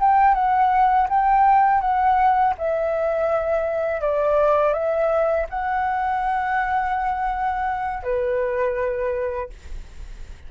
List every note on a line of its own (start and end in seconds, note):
0.00 0.34 G5
0.34 1.07 F#5
1.09 1.81 G5
1.81 2.54 F#5
2.58 4.01 E5
4.01 4.73 D5
4.73 5.46 E5
5.49 8.03 F#5
8.03 9.49 B4